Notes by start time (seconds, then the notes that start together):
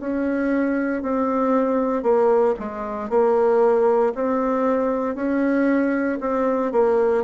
0.00 C#4
1.03 C4
2.03 A#3
2.60 G#3
3.10 A#3
4.15 C4
5.15 C#4
6.21 C4
6.72 A#3